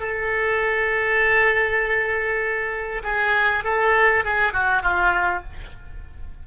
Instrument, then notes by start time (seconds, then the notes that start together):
oboe
0.00 A4
3.04 G#4
3.64 A4
4.25 G#4
4.53 F#4
4.83 F4